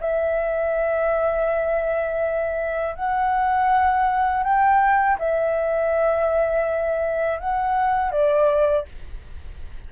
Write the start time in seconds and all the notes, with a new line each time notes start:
0.00 E5
2.95 F#5
4.43 G5
5.18 E5
7.40 F#5
8.11 D5